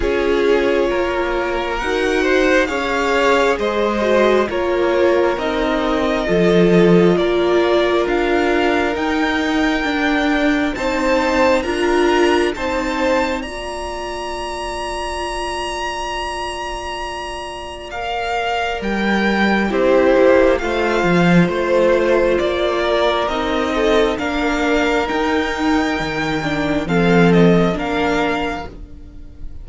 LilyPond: <<
  \new Staff \with { instrumentName = "violin" } { \time 4/4 \tempo 4 = 67 cis''2 fis''4 f''4 | dis''4 cis''4 dis''2 | d''4 f''4 g''2 | a''4 ais''4 a''4 ais''4~ |
ais''1 | f''4 g''4 c''4 f''4 | c''4 d''4 dis''4 f''4 | g''2 f''8 dis''8 f''4 | }
  \new Staff \with { instrumentName = "violin" } { \time 4/4 gis'4 ais'4. c''8 cis''4 | c''4 ais'2 a'4 | ais'1 | c''4 ais'4 c''4 d''4~ |
d''1~ | d''2 g'4 c''4~ | c''4. ais'4 a'8 ais'4~ | ais'2 a'4 ais'4 | }
  \new Staff \with { instrumentName = "viola" } { \time 4/4 f'2 fis'4 gis'4~ | gis'8 fis'8 f'4 dis'4 f'4~ | f'2 dis'4 d'4 | dis'4 f'4 dis'4 f'4~ |
f'1 | ais'2 e'4 f'4~ | f'2 dis'4 d'4 | dis'4. d'8 c'4 d'4 | }
  \new Staff \with { instrumentName = "cello" } { \time 4/4 cis'4 ais4 dis'4 cis'4 | gis4 ais4 c'4 f4 | ais4 d'4 dis'4 d'4 | c'4 d'4 c'4 ais4~ |
ais1~ | ais4 g4 c'8 ais8 a8 f8 | a4 ais4 c'4 ais4 | dis'4 dis4 f4 ais4 | }
>>